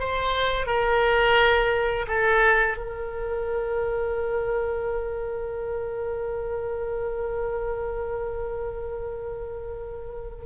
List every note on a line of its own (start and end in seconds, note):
0.00 0.67 C5
0.67 2.06 A#4
2.08 2.78 A4
2.78 10.45 A#4